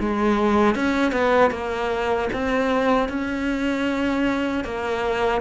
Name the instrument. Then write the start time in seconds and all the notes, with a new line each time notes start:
cello
0.00 G#3
0.75 C#4
1.12 B3
1.51 A#3
2.33 C4
3.09 C#4
4.64 A#3